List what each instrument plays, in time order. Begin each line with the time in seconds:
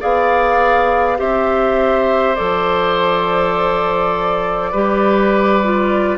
0.00 bassoon B3, clarinet G#4, oboe D5, flute F5
1.18 bassoon C4, clarinet G4, oboe C5, flute E5
2.36 bassoon F3, clarinet A4, flute D5
4.71 bassoon G3, clarinet G4, oboe B4
5.64 clarinet F4